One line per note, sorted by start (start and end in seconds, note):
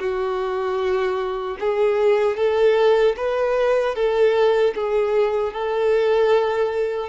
0.00 1.58 F#4
1.60 2.37 G#4
2.37 3.16 A4
3.17 3.95 B4
3.95 4.74 A4
4.75 5.53 G#4
5.53 7.09 A4